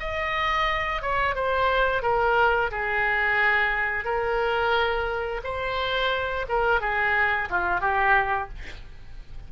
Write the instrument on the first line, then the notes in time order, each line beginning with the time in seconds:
oboe
0.00 D#5
1.02 C#5
1.35 C5
2.03 A#4
2.71 G#4
4.05 A#4
5.44 C5
6.49 A#4
6.81 G#4
7.50 F4
7.81 G4